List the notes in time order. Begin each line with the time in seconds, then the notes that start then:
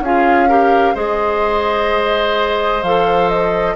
0.00 C#4 F4 G#4 F5
0.49 G4 A#4
0.95 G#3 G#4 C5 D#5
2.83 F3 A4 F5
3.29 D#5